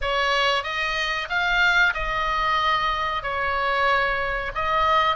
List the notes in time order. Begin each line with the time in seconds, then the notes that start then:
0.01 C#5
0.63 D#5
1.29 F5
1.94 D#5
3.23 C#5
4.54 D#5